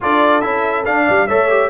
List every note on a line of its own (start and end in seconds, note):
0.00 0.43 D4
0.00 0.41 F4
0.00 1.05 A4
0.00 0.41 D5
0.41 0.86 C#4
0.41 0.84 E4
0.41 0.83 E5
0.85 1.28 D4
0.85 1.07 D4
0.85 1.27 F5
1.05 1.28 G3
1.05 1.26 D5
1.27 1.69 A3
1.27 1.49 A4
1.27 1.69 C#5
1.27 1.69 E5
1.49 1.69 G4